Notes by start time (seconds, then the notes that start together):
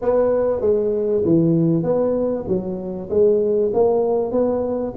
0.01 B3
0.60 G#3
1.24 E3
1.83 B3
2.47 F#3
3.09 G#3
3.73 A#3
4.31 B3